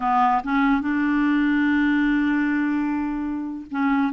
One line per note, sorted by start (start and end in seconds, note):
0.00 0.42 B3
0.43 0.81 C#4
0.81 3.66 D4
3.70 4.12 C#4